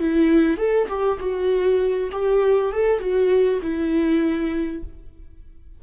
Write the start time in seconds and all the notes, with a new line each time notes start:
0.00 E4
0.58 A4
0.88 G4
1.19 F#4
2.12 G4
2.72 A4
2.99 F#4
3.62 E4